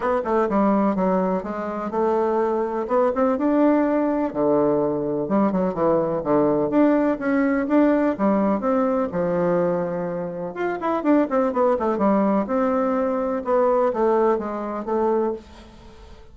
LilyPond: \new Staff \with { instrumentName = "bassoon" } { \time 4/4 \tempo 4 = 125 b8 a8 g4 fis4 gis4 | a2 b8 c'8 d'4~ | d'4 d2 g8 fis8 | e4 d4 d'4 cis'4 |
d'4 g4 c'4 f4~ | f2 f'8 e'8 d'8 c'8 | b8 a8 g4 c'2 | b4 a4 gis4 a4 | }